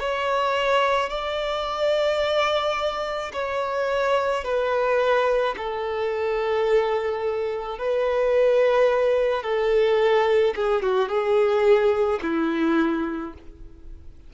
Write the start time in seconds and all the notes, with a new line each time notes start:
0.00 C#5
1.10 D5
3.33 C#5
4.44 B4
5.58 A4
7.79 B4
9.43 A4
10.56 G#4
10.83 F#4
11.09 G#4
12.23 E4